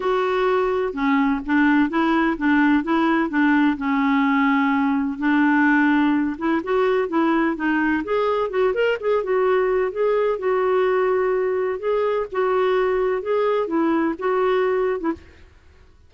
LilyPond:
\new Staff \with { instrumentName = "clarinet" } { \time 4/4 \tempo 4 = 127 fis'2 cis'4 d'4 | e'4 d'4 e'4 d'4 | cis'2. d'4~ | d'4. e'8 fis'4 e'4 |
dis'4 gis'4 fis'8 ais'8 gis'8 fis'8~ | fis'4 gis'4 fis'2~ | fis'4 gis'4 fis'2 | gis'4 e'4 fis'4.~ fis'16 e'16 | }